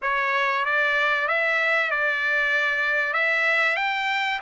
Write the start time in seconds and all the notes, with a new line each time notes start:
0.01 C#5
0.65 D5
1.28 E5
1.90 D5
3.13 E5
3.76 G5